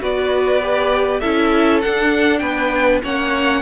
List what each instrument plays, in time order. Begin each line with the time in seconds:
0.00 cello B3, viola F#4, violin B4 D5
0.62 viola G4
1.20 cello C#4, viola E4, violin A4 E5
1.82 viola D4, cello D4, violin F#5
2.39 cello B3, violin B4 G5
3.03 cello A#3, viola C#4, violin C#5 F#5